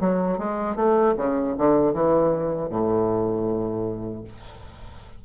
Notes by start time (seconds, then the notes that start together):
0.00 F#3
0.38 G#3
0.76 A3
1.17 C#3
1.57 D3
1.93 E3
2.70 A2